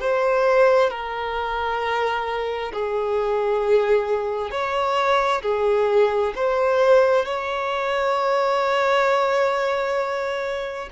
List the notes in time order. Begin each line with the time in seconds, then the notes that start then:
0.00 C5
0.90 A#4
2.73 G#4
4.51 C#5
5.42 G#4
6.36 C5
7.25 C#5